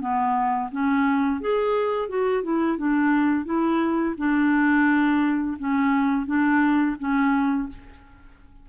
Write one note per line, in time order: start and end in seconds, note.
0.00 0.70 B3
0.71 1.41 C#4
1.41 2.09 G#4
2.09 2.43 F#4
2.43 2.77 E4
2.77 3.45 D4
3.45 4.15 E4
4.17 5.57 D4
5.59 6.26 C#4
6.26 6.96 D4
6.99 7.69 C#4